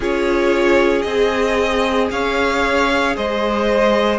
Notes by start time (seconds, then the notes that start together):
0.00 C#4 F4 G#4 C#5
1.02 C4 G#4 D#5
2.11 C#4 C#5 F5
3.16 G#3 C5 D#5